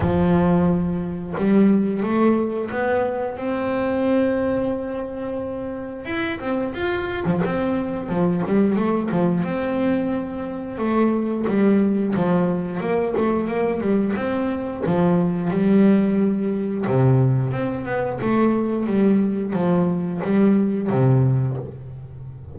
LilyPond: \new Staff \with { instrumentName = "double bass" } { \time 4/4 \tempo 4 = 89 f2 g4 a4 | b4 c'2.~ | c'4 e'8 c'8 f'8. f16 c'4 | f8 g8 a8 f8 c'2 |
a4 g4 f4 ais8 a8 | ais8 g8 c'4 f4 g4~ | g4 c4 c'8 b8 a4 | g4 f4 g4 c4 | }